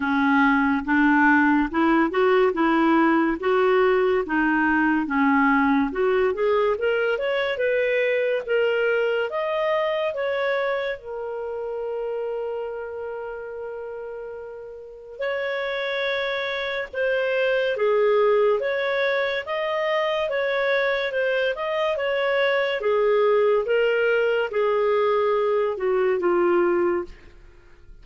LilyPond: \new Staff \with { instrumentName = "clarinet" } { \time 4/4 \tempo 4 = 71 cis'4 d'4 e'8 fis'8 e'4 | fis'4 dis'4 cis'4 fis'8 gis'8 | ais'8 cis''8 b'4 ais'4 dis''4 | cis''4 ais'2.~ |
ais'2 cis''2 | c''4 gis'4 cis''4 dis''4 | cis''4 c''8 dis''8 cis''4 gis'4 | ais'4 gis'4. fis'8 f'4 | }